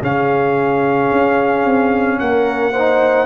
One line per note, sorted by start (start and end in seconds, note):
0.00 1.10 C#3
0.00 2.73 C#4
0.00 2.18 G#4
0.00 2.19 F5
1.12 1.65 C#4
1.65 2.19 C4
2.19 3.26 A#3
2.19 2.72 A#4
2.19 3.26 F#5
2.72 3.26 D#4
2.72 3.26 C5